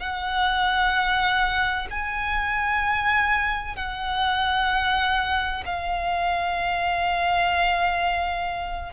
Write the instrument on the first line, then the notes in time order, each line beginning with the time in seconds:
violin
0.00 F#5
1.90 G#5
3.76 F#5
5.66 F5